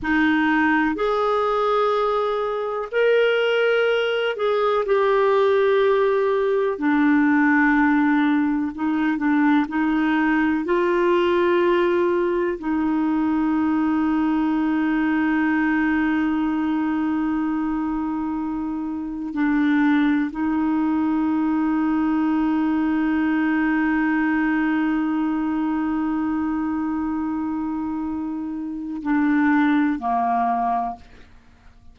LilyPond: \new Staff \with { instrumentName = "clarinet" } { \time 4/4 \tempo 4 = 62 dis'4 gis'2 ais'4~ | ais'8 gis'8 g'2 d'4~ | d'4 dis'8 d'8 dis'4 f'4~ | f'4 dis'2.~ |
dis'1 | d'4 dis'2.~ | dis'1~ | dis'2 d'4 ais4 | }